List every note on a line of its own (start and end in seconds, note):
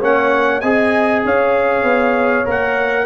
0.00 0.62 A#3
0.00 0.62 C#4
0.00 0.61 C#5
0.00 0.61 F#5
0.61 1.24 C4
0.61 2.45 G#4
0.61 1.23 D#5
0.61 1.22 G#5
1.25 1.83 C#4
1.25 3.05 C#5
1.25 2.49 F5
1.83 2.44 B3
2.45 3.05 A#3
2.45 3.05 A#4
2.45 3.05 F#5